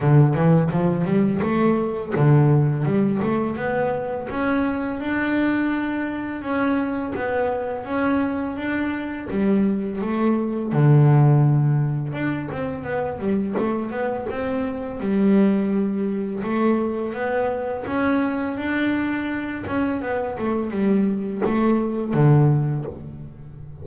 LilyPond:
\new Staff \with { instrumentName = "double bass" } { \time 4/4 \tempo 4 = 84 d8 e8 f8 g8 a4 d4 | g8 a8 b4 cis'4 d'4~ | d'4 cis'4 b4 cis'4 | d'4 g4 a4 d4~ |
d4 d'8 c'8 b8 g8 a8 b8 | c'4 g2 a4 | b4 cis'4 d'4. cis'8 | b8 a8 g4 a4 d4 | }